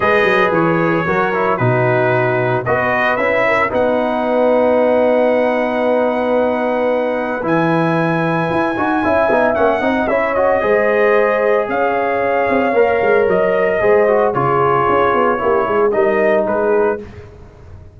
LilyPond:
<<
  \new Staff \with { instrumentName = "trumpet" } { \time 4/4 \tempo 4 = 113 dis''4 cis''2 b'4~ | b'4 dis''4 e''4 fis''4~ | fis''1~ | fis''2 gis''2~ |
gis''2 fis''4 e''8 dis''8~ | dis''2 f''2~ | f''4 dis''2 cis''4~ | cis''2 dis''4 b'4 | }
  \new Staff \with { instrumentName = "horn" } { \time 4/4 b'2 ais'4 fis'4~ | fis'4 b'4. ais'8 b'4~ | b'1~ | b'1~ |
b'4 e''4. dis''8 cis''4 | c''2 cis''2~ | cis''2 c''4 gis'4~ | gis'4 g'8 gis'8 ais'4 gis'4 | }
  \new Staff \with { instrumentName = "trombone" } { \time 4/4 gis'2 fis'8 e'8 dis'4~ | dis'4 fis'4 e'4 dis'4~ | dis'1~ | dis'2 e'2~ |
e'8 fis'8 e'8 dis'8 cis'8 dis'8 e'8 fis'8 | gis'1 | ais'2 gis'8 fis'8 f'4~ | f'4 e'4 dis'2 | }
  \new Staff \with { instrumentName = "tuba" } { \time 4/4 gis8 fis8 e4 fis4 b,4~ | b,4 b4 cis'4 b4~ | b1~ | b2 e2 |
e'8 dis'8 cis'8 b8 ais8 c'8 cis'4 | gis2 cis'4. c'8 | ais8 gis8 fis4 gis4 cis4 | cis'8 b8 ais8 gis8 g4 gis4 | }
>>